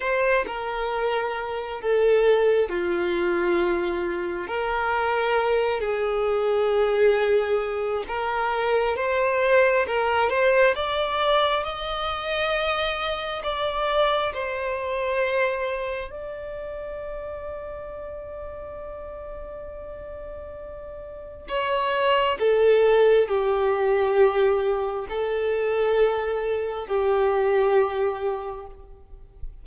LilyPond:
\new Staff \with { instrumentName = "violin" } { \time 4/4 \tempo 4 = 67 c''8 ais'4. a'4 f'4~ | f'4 ais'4. gis'4.~ | gis'4 ais'4 c''4 ais'8 c''8 | d''4 dis''2 d''4 |
c''2 d''2~ | d''1 | cis''4 a'4 g'2 | a'2 g'2 | }